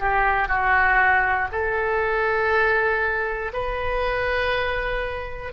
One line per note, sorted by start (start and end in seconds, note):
0.00 0.49 G4
0.49 1.49 F#4
1.53 3.53 A4
3.54 5.54 B4